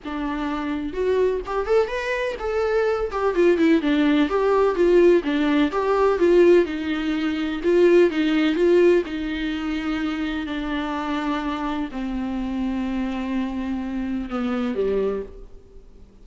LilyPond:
\new Staff \with { instrumentName = "viola" } { \time 4/4 \tempo 4 = 126 d'2 fis'4 g'8 a'8 | b'4 a'4. g'8 f'8 e'8 | d'4 g'4 f'4 d'4 | g'4 f'4 dis'2 |
f'4 dis'4 f'4 dis'4~ | dis'2 d'2~ | d'4 c'2.~ | c'2 b4 g4 | }